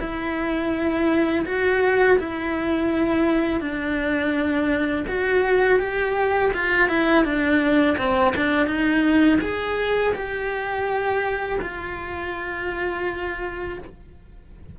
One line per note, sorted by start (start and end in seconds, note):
0.00 1.45 E4
1.46 2.18 F#4
2.19 3.60 E4
3.60 5.05 D4
5.08 5.79 F#4
5.79 6.52 G4
6.53 6.88 F4
6.88 7.24 E4
7.24 7.96 D4
7.98 8.34 C4
8.36 8.66 D4
8.66 9.39 D#4
9.41 10.13 G#4
10.14 11.59 G4
11.62 13.78 F4